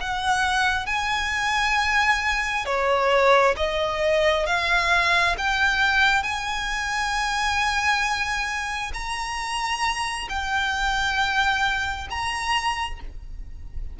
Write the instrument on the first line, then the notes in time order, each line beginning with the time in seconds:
violin
0.00 F#5
0.86 G#5
2.65 C#5
3.57 D#5
4.46 F5
5.38 G5
6.23 G#5
8.93 A#5
10.29 G5
12.10 A#5